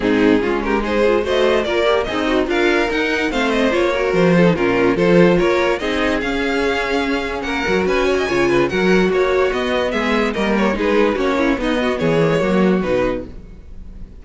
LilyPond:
<<
  \new Staff \with { instrumentName = "violin" } { \time 4/4 \tempo 4 = 145 gis'4. ais'8 c''4 dis''4 | d''4 dis''4 f''4 fis''4 | f''8 dis''8 cis''4 c''4 ais'4 | c''4 cis''4 dis''4 f''4~ |
f''2 fis''4 gis''4~ | gis''4 fis''4 cis''4 dis''4 | e''4 dis''8 cis''8 b'4 cis''4 | dis''4 cis''2 b'4 | }
  \new Staff \with { instrumentName = "violin" } { \time 4/4 dis'4 f'8 g'8 gis'4 c''4 | ais'4 dis'4 ais'2 | c''4. ais'4 a'8 f'4 | a'4 ais'4 gis'2~ |
gis'2 ais'4 b'8 cis''16 dis''16 | cis''8 b'8 ais'4 fis'2 | gis'4 ais'4 gis'4 fis'8 e'8 | dis'8 fis'8 gis'4 fis'2 | }
  \new Staff \with { instrumentName = "viola" } { \time 4/4 c'4 cis'4 dis'8 f'8 fis'4 | f'8 g'8 gis'8 fis'8 f'4 dis'4 | c'4 f'8 fis'4 f'16 dis'16 cis'4 | f'2 dis'4 cis'4~ |
cis'2~ cis'8 fis'4. | f'4 fis'2 b4~ | b4 ais4 dis'4 cis'4 | b4. ais16 gis16 ais4 dis'4 | }
  \new Staff \with { instrumentName = "cello" } { \time 4/4 gis,4 gis2 a4 | ais4 c'4 d'4 dis'4 | a4 ais4 f4 ais,4 | f4 ais4 c'4 cis'4~ |
cis'2 ais8 fis8 cis'4 | cis4 fis4 ais4 b4 | gis4 g4 gis4 ais4 | b4 e4 fis4 b,4 | }
>>